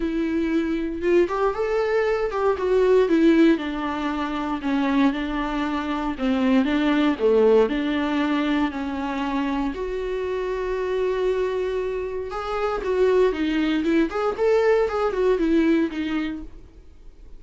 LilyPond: \new Staff \with { instrumentName = "viola" } { \time 4/4 \tempo 4 = 117 e'2 f'8 g'8 a'4~ | a'8 g'8 fis'4 e'4 d'4~ | d'4 cis'4 d'2 | c'4 d'4 a4 d'4~ |
d'4 cis'2 fis'4~ | fis'1 | gis'4 fis'4 dis'4 e'8 gis'8 | a'4 gis'8 fis'8 e'4 dis'4 | }